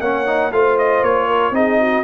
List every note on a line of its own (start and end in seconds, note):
0.00 0.51 A#3
0.00 0.26 C#4
0.00 0.53 C#5
0.00 0.51 F#5
0.26 0.51 D#4
0.51 1.02 A3
0.51 1.53 F4
0.51 1.27 C5
0.51 0.78 F5
0.78 1.04 D#5
1.02 1.51 A#3
1.02 1.55 C#5
1.27 1.53 A#4
1.51 2.02 C4
1.51 2.04 D#4
1.51 1.80 G#4
1.51 2.04 D#5
1.80 2.04 F#4